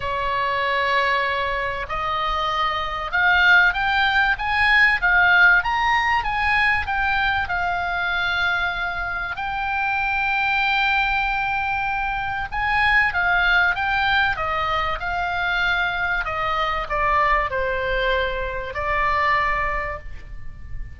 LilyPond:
\new Staff \with { instrumentName = "oboe" } { \time 4/4 \tempo 4 = 96 cis''2. dis''4~ | dis''4 f''4 g''4 gis''4 | f''4 ais''4 gis''4 g''4 | f''2. g''4~ |
g''1 | gis''4 f''4 g''4 dis''4 | f''2 dis''4 d''4 | c''2 d''2 | }